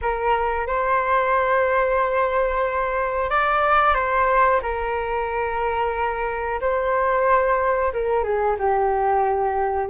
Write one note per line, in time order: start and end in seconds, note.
0.01 0.66 A#4
0.66 3.30 C5
3.30 3.94 D5
3.94 4.60 C5
4.62 6.60 A#4
6.60 7.92 C5
7.93 8.23 A#4
8.23 8.56 G#4
8.58 9.89 G4